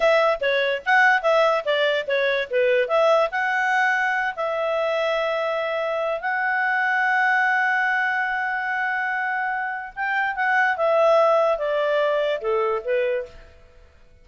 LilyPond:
\new Staff \with { instrumentName = "clarinet" } { \time 4/4 \tempo 4 = 145 e''4 cis''4 fis''4 e''4 | d''4 cis''4 b'4 e''4 | fis''2~ fis''8 e''4.~ | e''2. fis''4~ |
fis''1~ | fis''1 | g''4 fis''4 e''2 | d''2 a'4 b'4 | }